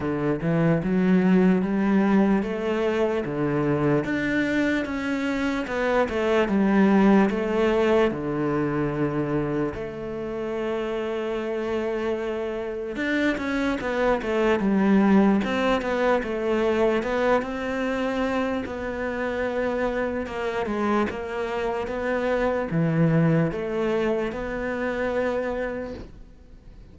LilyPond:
\new Staff \with { instrumentName = "cello" } { \time 4/4 \tempo 4 = 74 d8 e8 fis4 g4 a4 | d4 d'4 cis'4 b8 a8 | g4 a4 d2 | a1 |
d'8 cis'8 b8 a8 g4 c'8 b8 | a4 b8 c'4. b4~ | b4 ais8 gis8 ais4 b4 | e4 a4 b2 | }